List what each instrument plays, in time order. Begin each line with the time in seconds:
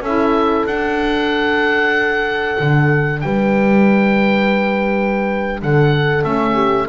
0.00 double bass C#4, saxophone E4, horn A4, oboe E5
0.65 double bass D4, saxophone D4, oboe F#5
2.59 double bass D3
3.20 double bass G3, horn B4, oboe G5
5.62 double bass D3, horn A4, oboe F#5
6.22 double bass A3, saxophone C#4, oboe E5
6.53 horn G4